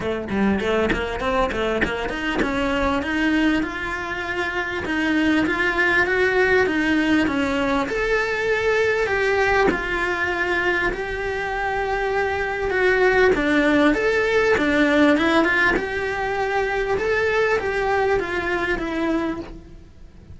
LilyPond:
\new Staff \with { instrumentName = "cello" } { \time 4/4 \tempo 4 = 99 a8 g8 a8 ais8 c'8 a8 ais8 dis'8 | cis'4 dis'4 f'2 | dis'4 f'4 fis'4 dis'4 | cis'4 a'2 g'4 |
f'2 g'2~ | g'4 fis'4 d'4 a'4 | d'4 e'8 f'8 g'2 | a'4 g'4 f'4 e'4 | }